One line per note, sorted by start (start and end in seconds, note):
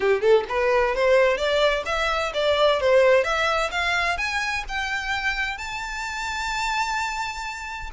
0.00 0.21 G4
0.21 0.44 A4
0.49 0.95 B4
0.95 1.37 C5
1.37 1.83 D5
1.85 2.32 E5
2.34 2.80 D5
2.80 3.24 C5
3.24 3.70 E5
3.71 4.17 F5
4.17 4.64 G#5
4.68 5.57 G5
5.57 7.90 A5